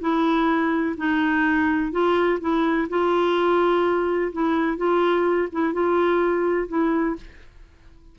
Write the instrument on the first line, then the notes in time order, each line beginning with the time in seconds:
clarinet
0.00 E4
0.97 D#4
1.91 F4
2.40 E4
2.89 F4
4.32 E4
4.77 F4
5.52 E4
5.73 F4
6.68 E4